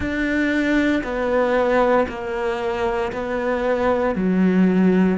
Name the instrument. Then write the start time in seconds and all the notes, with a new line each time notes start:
cello
0.00 D4
1.03 B3
2.08 A#3
3.12 B3
4.15 F#3